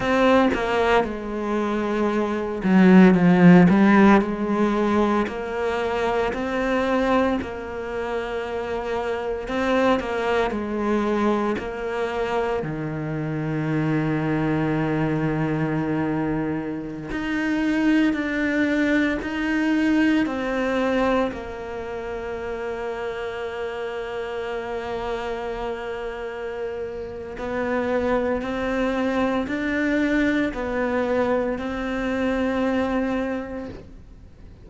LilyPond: \new Staff \with { instrumentName = "cello" } { \time 4/4 \tempo 4 = 57 c'8 ais8 gis4. fis8 f8 g8 | gis4 ais4 c'4 ais4~ | ais4 c'8 ais8 gis4 ais4 | dis1~ |
dis16 dis'4 d'4 dis'4 c'8.~ | c'16 ais2.~ ais8.~ | ais2 b4 c'4 | d'4 b4 c'2 | }